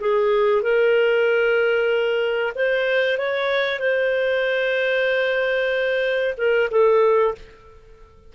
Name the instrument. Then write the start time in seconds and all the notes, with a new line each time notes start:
clarinet
0.00 G#4
0.62 A#4
2.55 C5
3.18 C#5
3.79 C5
6.37 A#4
6.71 A4